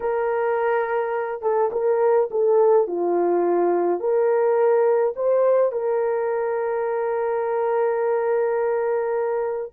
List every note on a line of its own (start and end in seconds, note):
0.00 1.42 A#4
1.42 1.70 A4
1.72 2.29 A#4
2.30 2.87 A4
2.87 3.99 F4
3.99 5.14 A#4
5.16 5.72 C5
5.72 9.72 A#4